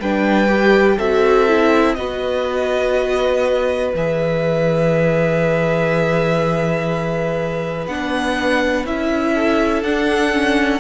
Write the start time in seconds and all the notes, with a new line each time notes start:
0.00 G3 D4 B4 G5
0.48 G4
0.97 C4 F#4 A4 E5
1.48 E4
1.95 B3 F#4 B4 D#5
3.94 E3 G#4 E5
7.87 B3 D4 F#5
8.85 C#4 E4 E5
9.34 A4
9.83 D4 F#5
10.34 C#4